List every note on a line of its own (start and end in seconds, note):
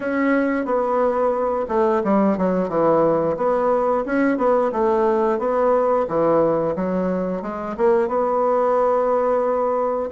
0.00 0.65 C#4
0.65 1.66 B3
1.68 2.02 A3
2.04 2.37 G3
2.37 2.68 F#3
2.68 3.36 E3
3.36 4.04 B3
4.05 4.37 C#4
4.37 4.71 B3
4.72 5.38 A3
5.38 6.06 B3
6.08 6.75 E3
6.75 7.42 F#3
7.42 7.75 G#3
7.77 8.08 A#3
8.08 10.10 B3